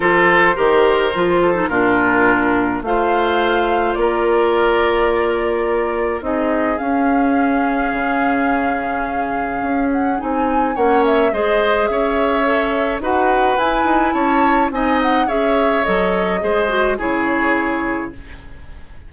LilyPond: <<
  \new Staff \with { instrumentName = "flute" } { \time 4/4 \tempo 4 = 106 c''2. ais'4~ | ais'4 f''2 d''4~ | d''2. dis''4 | f''1~ |
f''4. fis''8 gis''4 fis''8 e''8 | dis''4 e''2 fis''4 | gis''4 a''4 gis''8 fis''8 e''4 | dis''2 cis''2 | }
  \new Staff \with { instrumentName = "oboe" } { \time 4/4 a'4 ais'4. a'8 f'4~ | f'4 c''2 ais'4~ | ais'2. gis'4~ | gis'1~ |
gis'2. cis''4 | c''4 cis''2 b'4~ | b'4 cis''4 dis''4 cis''4~ | cis''4 c''4 gis'2 | }
  \new Staff \with { instrumentName = "clarinet" } { \time 4/4 f'4 g'4 f'8. dis'16 d'4~ | d'4 f'2.~ | f'2. dis'4 | cis'1~ |
cis'2 dis'4 cis'4 | gis'2 a'4 fis'4 | e'2 dis'4 gis'4 | a'4 gis'8 fis'8 e'2 | }
  \new Staff \with { instrumentName = "bassoon" } { \time 4/4 f4 dis4 f4 ais,4~ | ais,4 a2 ais4~ | ais2. c'4 | cis'2 cis2~ |
cis4 cis'4 c'4 ais4 | gis4 cis'2 dis'4 | e'8 dis'8 cis'4 c'4 cis'4 | fis4 gis4 cis2 | }
>>